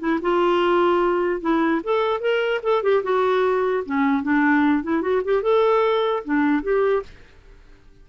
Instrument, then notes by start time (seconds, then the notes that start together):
clarinet
0.00 E4
0.22 F4
1.41 E4
1.84 A4
2.21 A#4
2.63 A4
2.83 G4
3.04 F#4
3.86 C#4
4.23 D4
4.84 E4
5.02 F#4
5.25 G4
5.43 A4
6.25 D4
6.63 G4